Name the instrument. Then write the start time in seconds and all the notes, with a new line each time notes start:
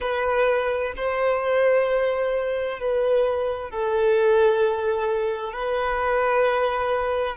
violin
0.00 B4
0.96 C5
2.79 B4
3.70 A4
5.53 B4